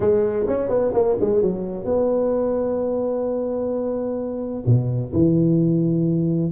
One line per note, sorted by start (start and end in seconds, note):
0.00 0.46 G#3
0.47 0.69 C#4
0.69 0.92 B3
0.93 1.16 A#3
1.20 1.41 G#3
1.41 1.84 F#3
1.84 4.63 B3
4.66 5.12 B2
5.13 6.51 E3